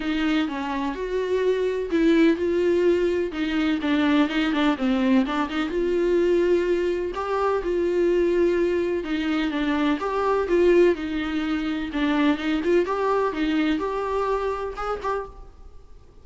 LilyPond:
\new Staff \with { instrumentName = "viola" } { \time 4/4 \tempo 4 = 126 dis'4 cis'4 fis'2 | e'4 f'2 dis'4 | d'4 dis'8 d'8 c'4 d'8 dis'8 | f'2. g'4 |
f'2. dis'4 | d'4 g'4 f'4 dis'4~ | dis'4 d'4 dis'8 f'8 g'4 | dis'4 g'2 gis'8 g'8 | }